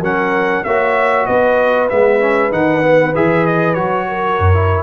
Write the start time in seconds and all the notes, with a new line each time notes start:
0.00 F#3 C#4 A#4 F#5
0.64 A#3 F#4 C#5 E5
1.26 B3 B4 D#5
1.89 G#3 B3 E5
2.20 C#4
2.51 D#3 D#4 F#5
2.82 B3
3.15 E3 G#4 E5
3.46 D#5
3.74 F#3 F#4 C#5
4.08 A#4
4.38 F#2
4.53 E4